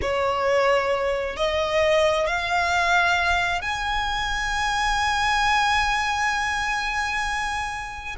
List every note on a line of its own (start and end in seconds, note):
0.01 1.36 C#5
1.36 2.26 D#5
2.26 3.61 F5
3.61 8.16 G#5